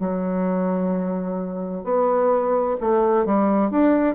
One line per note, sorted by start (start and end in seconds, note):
0.00 1.85 F#3
1.85 2.77 B3
2.81 3.26 A3
3.26 3.71 G3
3.71 4.15 D4